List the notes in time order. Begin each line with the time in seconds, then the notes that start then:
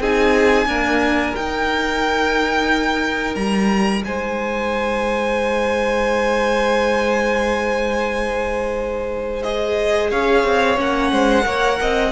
0.00 C4 D#4 G#4 G#5
0.66 A#3 D4 A#4
1.36 D#4 G5
3.35 G3 A#5
4.05 G#3 C5 G#5
9.43 G#4 D#5
10.11 C#4 C#5 F5
10.45 C4
10.77 A#3 C#4 F#5
11.12 G#3 C5
11.42 A#3 A#4 C#5
11.81 C4 D#5